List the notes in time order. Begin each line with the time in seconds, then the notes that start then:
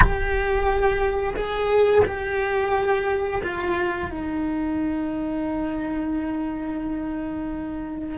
0.00 G4
1.35 G#4
2.05 G4
3.43 F4
4.10 D#4